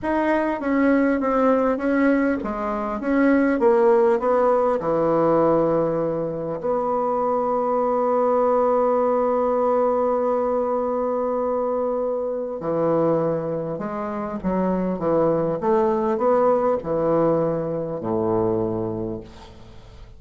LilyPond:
\new Staff \with { instrumentName = "bassoon" } { \time 4/4 \tempo 4 = 100 dis'4 cis'4 c'4 cis'4 | gis4 cis'4 ais4 b4 | e2. b4~ | b1~ |
b1~ | b4 e2 gis4 | fis4 e4 a4 b4 | e2 a,2 | }